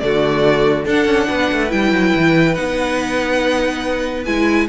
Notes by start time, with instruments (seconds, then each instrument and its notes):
0.00 cello D3, viola A3, violin F#4 D5
0.86 cello D4, viola D4, violin A4 F#5
1.06 cello C#4
1.29 cello B3, violin B4
1.52 cello A3
1.70 cello G3, viola E4, violin G5
1.92 cello F#3
2.16 cello E3
2.55 cello B3, viola D#4, violin F#5
4.25 cello G#3, viola E4, violin G#5